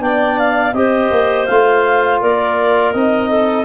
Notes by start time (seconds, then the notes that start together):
0.00 B3 D4 D5 G5
0.39 F5
0.74 C4 G4 C5 D#5
1.11 A#3
1.46 A3 F4 F5
2.21 A#3 A#4 D5
2.93 C4 D#4 D#5
3.30 A4